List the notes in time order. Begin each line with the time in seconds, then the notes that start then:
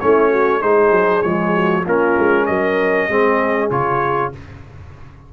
0.00 A3 C#4 E4 C#5
0.30 F#4
0.60 G#3 D#4 G#4 C5
0.91 F#3
1.22 F3 G#3 C#5
1.54 F#4
1.84 A#3 C#4 F4 A#4
2.18 G#3
2.46 F#3 A#4 D#5
3.09 G#3 C4 G#4
3.70 C#3 F4 C#5